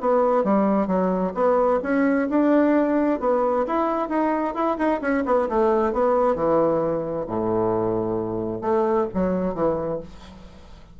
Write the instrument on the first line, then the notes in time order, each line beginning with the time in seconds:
bassoon
0.00 B3
0.44 G3
0.87 F#3
1.34 B3
1.82 C#4
2.29 D4
3.20 B3
3.67 E4
4.08 D#4
4.54 E4
4.77 D#4
5.01 C#4
5.25 B3
5.49 A3
5.93 B3
6.35 E3
7.27 A2
8.61 A3
9.13 F#3
9.54 E3